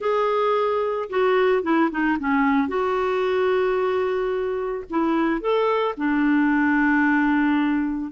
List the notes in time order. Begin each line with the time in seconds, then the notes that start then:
0.00 G#4
1.09 F#4
1.62 E4
1.90 D#4
2.19 C#4
2.68 F#4
4.90 E4
5.41 A4
5.97 D4